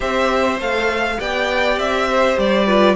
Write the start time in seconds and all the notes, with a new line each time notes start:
0.00 C4 G4 C5 E5
0.59 A3 A4 F5
1.18 B3 G4 D5 G5
1.77 C4 E5
2.09 C5
2.37 G3 D5
2.65 F4 B4